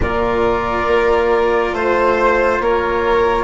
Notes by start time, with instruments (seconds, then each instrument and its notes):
0.00 bassoon A#2, cello F4, violin A#4, flute D5
0.87 bassoon A#3
1.72 bassoon A3, violin C5, flute C5
2.59 bassoon A#3, violin A#4, flute C#5